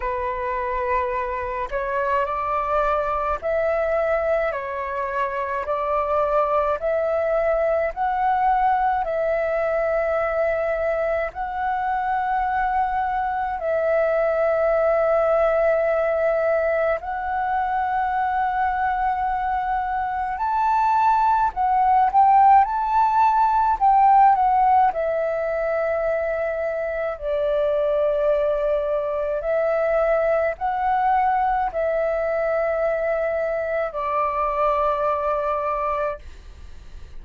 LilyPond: \new Staff \with { instrumentName = "flute" } { \time 4/4 \tempo 4 = 53 b'4. cis''8 d''4 e''4 | cis''4 d''4 e''4 fis''4 | e''2 fis''2 | e''2. fis''4~ |
fis''2 a''4 fis''8 g''8 | a''4 g''8 fis''8 e''2 | d''2 e''4 fis''4 | e''2 d''2 | }